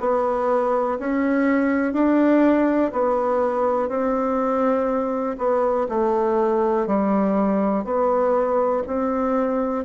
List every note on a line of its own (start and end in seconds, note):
0.00 0.98 B3
0.99 1.93 C#4
1.93 2.92 D4
2.92 3.89 B3
3.89 5.37 C4
5.38 5.87 B3
5.89 6.87 A3
6.87 7.84 G3
7.84 8.83 B3
8.87 9.85 C4